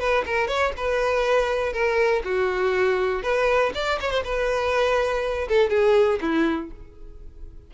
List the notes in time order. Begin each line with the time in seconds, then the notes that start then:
0.00 B4
0.26 A#4
0.48 C#5
0.77 B4
1.73 A#4
2.25 F#4
3.23 B4
3.75 D5
4.01 C#5
4.11 C5
4.24 B4
5.49 A4
5.70 G#4
6.22 E4